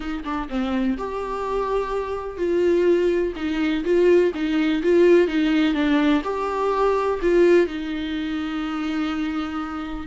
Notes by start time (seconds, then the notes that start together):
0.00 D#4
0.24 D4
0.49 C4
0.97 G4
2.37 F4
3.36 D#4
3.84 F4
4.34 D#4
4.82 F4
5.27 D#4
5.74 D4
6.24 G4
7.22 F4
7.66 D#4